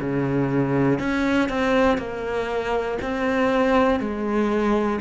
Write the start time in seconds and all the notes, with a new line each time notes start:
0.00 C#3
0.99 C#4
1.49 C4
1.97 A#3
3.01 C4
4.00 G#3